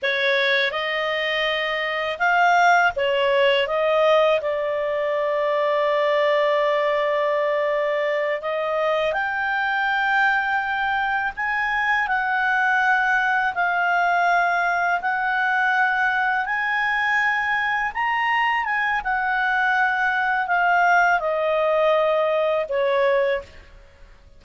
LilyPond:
\new Staff \with { instrumentName = "clarinet" } { \time 4/4 \tempo 4 = 82 cis''4 dis''2 f''4 | cis''4 dis''4 d''2~ | d''2.~ d''8 dis''8~ | dis''8 g''2. gis''8~ |
gis''8 fis''2 f''4.~ | f''8 fis''2 gis''4.~ | gis''8 ais''4 gis''8 fis''2 | f''4 dis''2 cis''4 | }